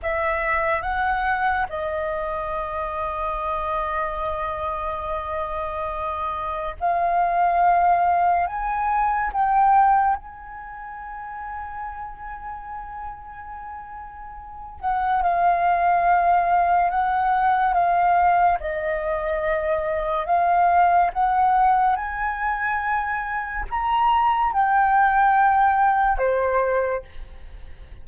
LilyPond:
\new Staff \with { instrumentName = "flute" } { \time 4/4 \tempo 4 = 71 e''4 fis''4 dis''2~ | dis''1 | f''2 gis''4 g''4 | gis''1~ |
gis''4. fis''8 f''2 | fis''4 f''4 dis''2 | f''4 fis''4 gis''2 | ais''4 g''2 c''4 | }